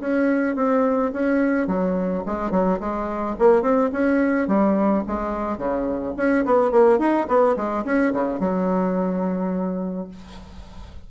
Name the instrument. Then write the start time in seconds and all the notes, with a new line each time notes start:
bassoon
0.00 C#4
0.56 C4
1.13 C#4
1.67 F#3
2.26 G#3
2.51 F#3
2.80 G#3
3.39 A#3
3.62 C4
3.92 C#4
4.48 G3
5.07 G#3
5.58 C#3
6.17 C#4
6.45 B3
6.71 A#3
6.99 D#4
7.28 B3
7.56 G#3
7.85 C#4
8.13 C#3
8.40 F#3